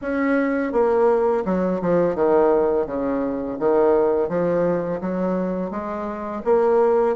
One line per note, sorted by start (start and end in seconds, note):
0.01 0.72 C#4
0.72 1.44 A#3
1.45 1.81 F#3
1.81 2.15 F3
2.15 2.86 D#3
2.86 3.57 C#3
3.59 4.29 D#3
4.29 5.00 F3
5.00 5.70 F#3
5.70 6.42 G#3
6.44 7.16 A#3